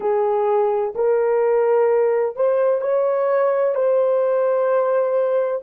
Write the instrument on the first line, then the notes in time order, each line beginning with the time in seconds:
horn
0.00 G#4
0.95 A#4
2.36 C5
2.81 C#5
3.74 C5